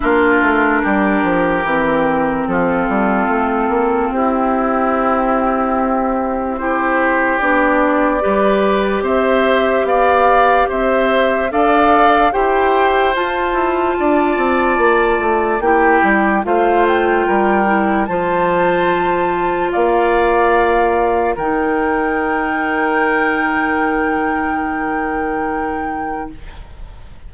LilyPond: <<
  \new Staff \with { instrumentName = "flute" } { \time 4/4 \tempo 4 = 73 ais'2. a'4~ | a'4 g'2. | c''4 d''2 e''4 | f''4 e''4 f''4 g''4 |
a''2. g''4 | f''8 g''4. a''2 | f''2 g''2~ | g''1 | }
  \new Staff \with { instrumentName = "oboe" } { \time 4/4 f'4 g'2 f'4~ | f'4 e'2. | g'2 b'4 c''4 | d''4 c''4 d''4 c''4~ |
c''4 d''2 g'4 | c''4 ais'4 c''2 | d''2 ais'2~ | ais'1 | }
  \new Staff \with { instrumentName = "clarinet" } { \time 4/4 d'2 c'2~ | c'1 | e'4 d'4 g'2~ | g'2 a'4 g'4 |
f'2. e'4 | f'4. e'8 f'2~ | f'2 dis'2~ | dis'1 | }
  \new Staff \with { instrumentName = "bassoon" } { \time 4/4 ais8 a8 g8 f8 e4 f8 g8 | a8 ais8 c'2.~ | c'4 b4 g4 c'4 | b4 c'4 d'4 e'4 |
f'8 e'8 d'8 c'8 ais8 a8 ais8 g8 | a4 g4 f2 | ais2 dis2~ | dis1 | }
>>